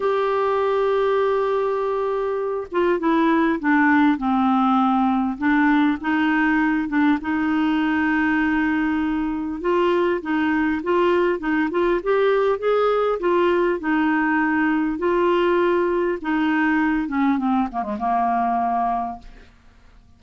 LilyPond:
\new Staff \with { instrumentName = "clarinet" } { \time 4/4 \tempo 4 = 100 g'1~ | g'8 f'8 e'4 d'4 c'4~ | c'4 d'4 dis'4. d'8 | dis'1 |
f'4 dis'4 f'4 dis'8 f'8 | g'4 gis'4 f'4 dis'4~ | dis'4 f'2 dis'4~ | dis'8 cis'8 c'8 ais16 gis16 ais2 | }